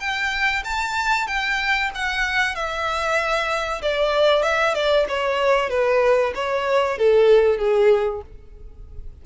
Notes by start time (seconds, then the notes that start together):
0.00 G5
0.64 A5
1.27 G5
1.95 F#5
2.55 E5
3.82 D5
4.43 E5
4.74 D5
5.08 C#5
5.70 B4
6.35 C#5
6.98 A4
7.58 G#4